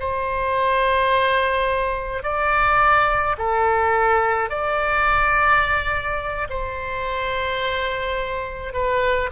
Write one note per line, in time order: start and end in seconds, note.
0.00 2.23 C5
2.23 3.37 D5
3.39 4.50 A4
4.50 6.48 D5
6.50 8.73 C5
8.73 9.30 B4